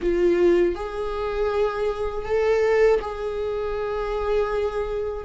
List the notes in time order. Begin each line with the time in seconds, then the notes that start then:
0.01 F4
0.75 G#4
2.25 A4
3.01 G#4